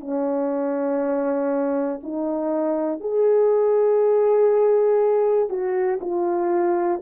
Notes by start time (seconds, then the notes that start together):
0.00 C#4
2.03 D#4
3.00 G#4
5.50 F#4
6.01 F4